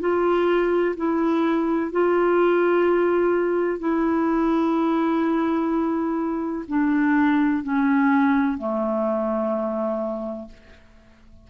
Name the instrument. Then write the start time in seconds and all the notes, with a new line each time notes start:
clarinet
0.00 F4
0.97 E4
1.92 F4
3.79 E4
6.68 D4
7.63 C#4
8.58 A3